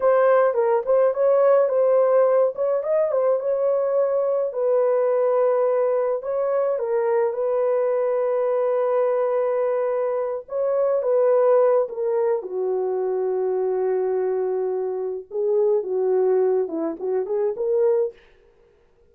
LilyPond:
\new Staff \with { instrumentName = "horn" } { \time 4/4 \tempo 4 = 106 c''4 ais'8 c''8 cis''4 c''4~ | c''8 cis''8 dis''8 c''8 cis''2 | b'2. cis''4 | ais'4 b'2.~ |
b'2~ b'8 cis''4 b'8~ | b'4 ais'4 fis'2~ | fis'2. gis'4 | fis'4. e'8 fis'8 gis'8 ais'4 | }